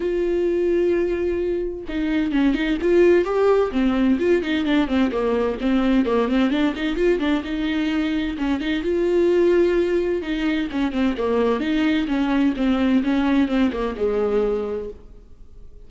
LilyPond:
\new Staff \with { instrumentName = "viola" } { \time 4/4 \tempo 4 = 129 f'1 | dis'4 cis'8 dis'8 f'4 g'4 | c'4 f'8 dis'8 d'8 c'8 ais4 | c'4 ais8 c'8 d'8 dis'8 f'8 d'8 |
dis'2 cis'8 dis'8 f'4~ | f'2 dis'4 cis'8 c'8 | ais4 dis'4 cis'4 c'4 | cis'4 c'8 ais8 gis2 | }